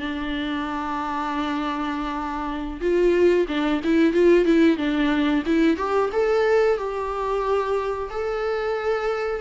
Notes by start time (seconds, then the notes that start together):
0.00 D4
2.81 F4
3.48 D4
3.84 E4
4.14 F4
4.45 E4
4.77 D4
5.46 E4
5.77 G4
6.13 A4
6.78 G4
8.10 A4